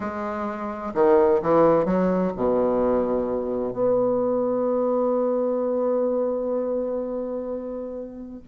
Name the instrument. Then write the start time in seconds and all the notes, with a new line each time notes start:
bassoon
0.00 G#3
0.94 D#3
1.42 E3
1.85 F#3
2.36 B2
3.73 B3